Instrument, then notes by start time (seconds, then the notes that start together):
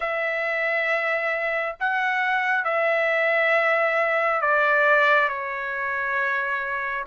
trumpet
0.00 E5
1.79 F#5
2.64 E5
4.41 D5
5.28 C#5